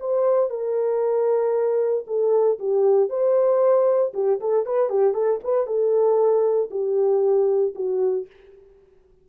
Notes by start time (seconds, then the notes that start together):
0.00 C5
0.50 A#4
2.07 A4
2.59 G4
3.10 C5
4.14 G4
4.40 A4
4.66 B4
4.90 G4
5.14 A4
5.44 B4
5.67 A4
6.71 G4
7.75 F#4